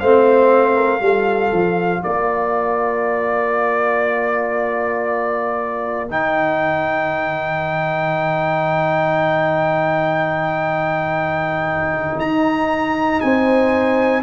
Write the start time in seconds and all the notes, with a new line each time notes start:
0.00 A3 C4 C5 F5
0.76 A#4
1.00 G3 F4 A4
1.53 F3
2.03 A#3 A#4 D5
6.09 D#3 D#4 G5
12.18 D#4 A#5
13.21 C4 C5 G#5